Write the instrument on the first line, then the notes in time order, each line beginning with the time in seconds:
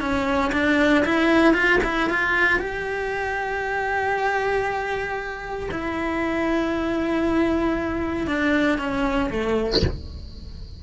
cello
0.00 C#4
0.52 D4
1.05 E4
1.54 F4
1.83 E4
2.10 F4
2.59 G4
5.71 E4
8.27 D4
8.78 C#4
9.30 A3